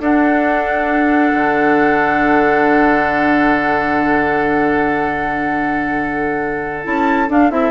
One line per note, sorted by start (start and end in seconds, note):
0.00 1.32 D4
0.00 6.84 D4
0.00 7.70 A4
0.00 6.86 F#5
1.33 6.84 D3
6.84 7.29 C#4
6.84 7.28 E4
6.84 7.30 A5
7.28 7.50 D4
7.28 7.51 D4
7.28 7.51 F5
7.50 7.70 C4
7.50 7.70 E4
7.50 7.70 E5